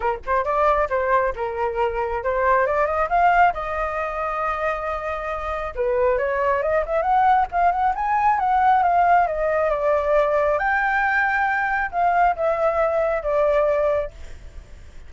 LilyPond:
\new Staff \with { instrumentName = "flute" } { \time 4/4 \tempo 4 = 136 ais'8 c''8 d''4 c''4 ais'4~ | ais'4 c''4 d''8 dis''8 f''4 | dis''1~ | dis''4 b'4 cis''4 dis''8 e''8 |
fis''4 f''8 fis''8 gis''4 fis''4 | f''4 dis''4 d''2 | g''2. f''4 | e''2 d''2 | }